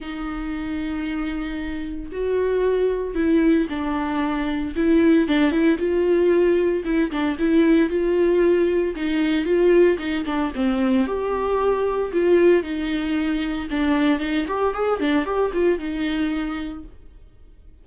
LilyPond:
\new Staff \with { instrumentName = "viola" } { \time 4/4 \tempo 4 = 114 dis'1 | fis'2 e'4 d'4~ | d'4 e'4 d'8 e'8 f'4~ | f'4 e'8 d'8 e'4 f'4~ |
f'4 dis'4 f'4 dis'8 d'8 | c'4 g'2 f'4 | dis'2 d'4 dis'8 g'8 | gis'8 d'8 g'8 f'8 dis'2 | }